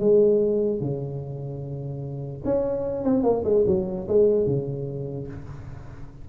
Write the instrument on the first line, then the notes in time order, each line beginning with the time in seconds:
tuba
0.00 G#3
0.81 C#3
2.45 C#4
3.04 C4
3.24 A#3
3.45 G#3
3.67 F#3
4.09 G#3
4.47 C#3